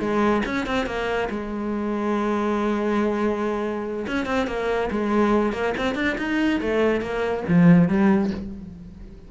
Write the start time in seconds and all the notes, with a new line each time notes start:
0.00 G#3
0.46 C#4
0.67 C4
0.86 A#3
1.30 G#3
4.08 C#4
4.26 C4
4.47 A#3
4.91 G#3
5.53 A#3
5.78 C4
5.95 D4
6.18 D#4
6.61 A3
7.01 A#3
7.48 F3
7.88 G3